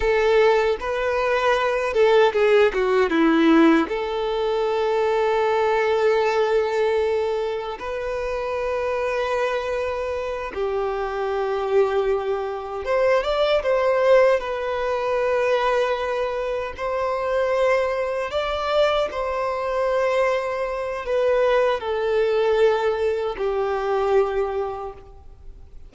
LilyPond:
\new Staff \with { instrumentName = "violin" } { \time 4/4 \tempo 4 = 77 a'4 b'4. a'8 gis'8 fis'8 | e'4 a'2.~ | a'2 b'2~ | b'4. g'2~ g'8~ |
g'8 c''8 d''8 c''4 b'4.~ | b'4. c''2 d''8~ | d''8 c''2~ c''8 b'4 | a'2 g'2 | }